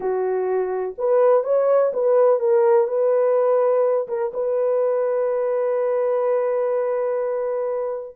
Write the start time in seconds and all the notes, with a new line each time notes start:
0.00 F#4
0.98 B4
1.43 C#5
1.93 B4
2.39 A#4
2.87 B4
4.08 A#4
4.33 B4